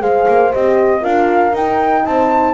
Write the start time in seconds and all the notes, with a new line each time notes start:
0.00 G#3 G#4 C5 F5
0.28 A#3
0.52 C4 G4 D#5
1.01 D4 F4 A#4 F5
1.53 D#4 G5
2.05 C4 C5 A5